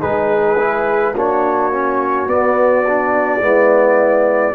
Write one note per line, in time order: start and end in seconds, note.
0.00 1.13 G#3
0.00 0.57 D#4
0.00 1.13 G#4
0.00 1.14 B4
0.58 1.15 E4
1.13 2.27 A#3
1.13 1.72 D4
1.13 3.42 F#4
1.13 2.29 C#5
1.72 2.28 C#4
2.27 3.40 B3
2.27 2.85 B3
2.27 4.54 D5
2.88 3.41 D4
3.40 4.54 G#3
3.40 4.54 B3
3.40 4.54 E4